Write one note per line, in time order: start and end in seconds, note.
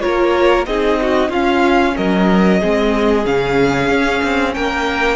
0.00 0.67 A#3
0.00 0.65 F4
0.00 0.67 A#4
0.00 0.65 C#5
0.66 1.29 C4
0.66 1.33 D#4
0.66 1.00 G#4
0.66 1.31 D#5
1.01 1.30 F#4
1.29 1.94 C#4
1.29 2.61 C#4
1.29 1.95 F4
1.29 1.97 F5
1.96 2.62 F#3
1.96 2.60 A#4
1.96 3.26 D#5
2.60 3.25 G#3
2.60 3.25 C4
2.60 4.53 G#4
3.25 3.89 C#3
3.25 5.16 C#4
3.25 4.54 F5
3.89 4.21 C#4
4.23 4.56 C4
4.54 5.16 A#3
4.54 5.16 A#4
4.54 5.16 G5